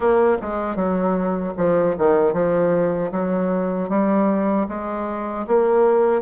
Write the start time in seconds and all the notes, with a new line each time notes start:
0.00 A#3
0.41 G#3
0.75 F#3
1.57 F3
1.98 D#3
2.33 F3
3.11 F#3
3.89 G3
4.68 G#3
5.47 A#3